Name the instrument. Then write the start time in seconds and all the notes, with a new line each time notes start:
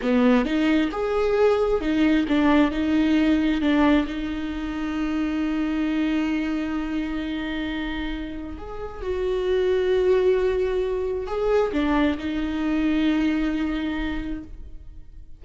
viola
0.01 B3
0.45 D#4
0.91 G#4
1.80 D#4
2.28 D4
2.71 D#4
3.61 D4
4.07 D#4
8.58 G#4
9.01 F#4
11.26 G#4
11.72 D4
12.17 D#4